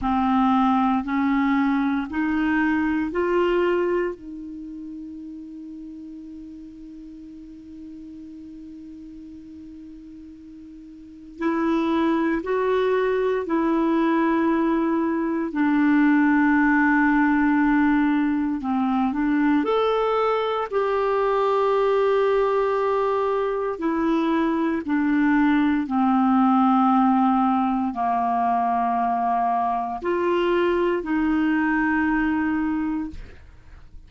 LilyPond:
\new Staff \with { instrumentName = "clarinet" } { \time 4/4 \tempo 4 = 58 c'4 cis'4 dis'4 f'4 | dis'1~ | dis'2. e'4 | fis'4 e'2 d'4~ |
d'2 c'8 d'8 a'4 | g'2. e'4 | d'4 c'2 ais4~ | ais4 f'4 dis'2 | }